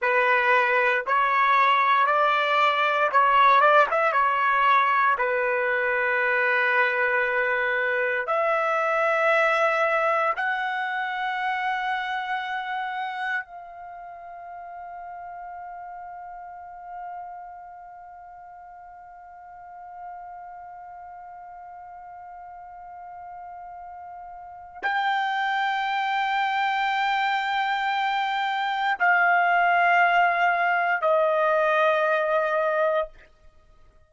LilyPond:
\new Staff \with { instrumentName = "trumpet" } { \time 4/4 \tempo 4 = 58 b'4 cis''4 d''4 cis''8 d''16 e''16 | cis''4 b'2. | e''2 fis''2~ | fis''4 f''2.~ |
f''1~ | f''1 | g''1 | f''2 dis''2 | }